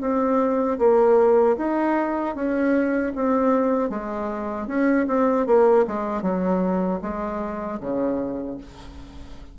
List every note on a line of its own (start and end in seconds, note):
0.00 0.78 C4
0.78 1.56 A#3
1.57 2.34 D#4
2.34 3.12 C#4
3.15 3.89 C4
3.89 4.67 G#3
4.67 5.06 C#4
5.07 5.46 C4
5.46 5.85 A#3
5.87 6.22 G#3
6.22 7.00 F#3
7.01 7.79 G#3
7.80 8.57 C#3